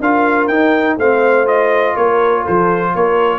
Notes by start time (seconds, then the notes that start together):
0.00 D4 F4 A#4 F5
0.47 D#4 G5
0.97 A3 C4 C5 F5
1.45 F4 D#5
1.95 A#3 A#4 C#5
2.42 A4 C5
2.48 F3
2.95 A#3 A#4 C#5